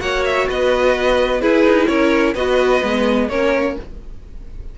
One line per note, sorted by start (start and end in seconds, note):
0.00 0.48 A#3
0.00 1.41 F#4
0.00 0.48 C#5
0.00 0.25 F#5
0.25 0.49 E5
0.48 1.43 B3
0.48 1.42 B4
0.48 1.42 D#5
1.41 2.35 E4
1.41 1.64 E4
1.41 1.89 G#4
1.41 1.87 B4
1.64 1.88 D#4
1.87 2.35 C#4
1.87 2.34 A#4
1.87 2.34 C#5
2.34 2.82 B3
2.34 2.82 F#4
2.34 3.29 B4
2.34 3.29 D#5
2.82 3.29 G#3
2.82 3.29 B3
3.29 3.76 A#3
3.29 3.79 C#4
3.29 3.79 A#4
3.29 3.76 C#5